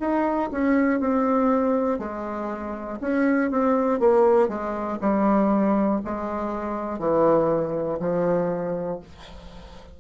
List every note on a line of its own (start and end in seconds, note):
0.00 0.50 D#4
0.51 1.00 C#4
1.00 1.99 C4
1.99 2.99 G#3
3.01 3.50 C#4
3.50 4.00 C4
4.00 4.49 A#3
4.49 4.99 G#3
5.00 6.00 G3
6.05 6.99 G#3
6.99 7.99 E3
8.00 9.00 F3